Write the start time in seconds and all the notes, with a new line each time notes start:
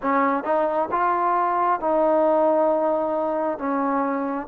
0.02 C#4
0.44 D#4
0.91 F4
1.80 D#4
3.58 C#4